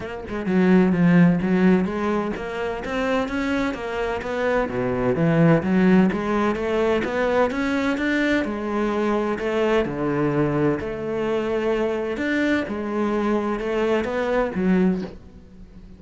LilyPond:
\new Staff \with { instrumentName = "cello" } { \time 4/4 \tempo 4 = 128 ais8 gis8 fis4 f4 fis4 | gis4 ais4 c'4 cis'4 | ais4 b4 b,4 e4 | fis4 gis4 a4 b4 |
cis'4 d'4 gis2 | a4 d2 a4~ | a2 d'4 gis4~ | gis4 a4 b4 fis4 | }